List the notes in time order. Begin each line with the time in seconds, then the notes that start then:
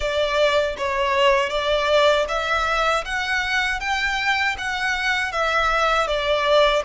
0.00 D5
0.77 C#5
1.49 D5
2.28 E5
3.04 F#5
3.80 G5
4.58 F#5
5.32 E5
6.07 D5